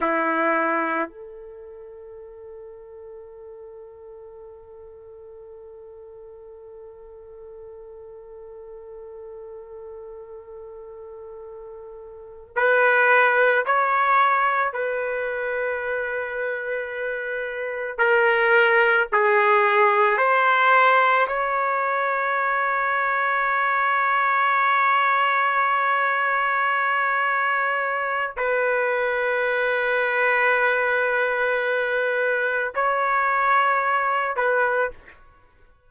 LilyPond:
\new Staff \with { instrumentName = "trumpet" } { \time 4/4 \tempo 4 = 55 e'4 a'2.~ | a'1~ | a'2.~ a'8 b'8~ | b'8 cis''4 b'2~ b'8~ |
b'8 ais'4 gis'4 c''4 cis''8~ | cis''1~ | cis''2 b'2~ | b'2 cis''4. b'8 | }